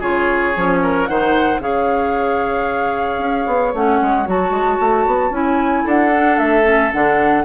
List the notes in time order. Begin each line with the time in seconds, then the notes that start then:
0.00 C#3 F4 G#4 C#5
0.56 F3 C#4
0.82 A#4
1.06 D#3 D#4 C5 F#5
1.59 C#3 G#4 C#5 F5
3.18 C#4
3.47 B3
3.74 A3 C#4 F#5
4.01 G#3
4.26 F#3 F#4 A5
4.50 G#3
4.80 A3
5.06 B3
5.30 C#4 E4 G#5
5.84 D4 A4 F#5
6.15 D4
6.38 A3 E5
6.64 C#4
6.92 D3 D4 F#5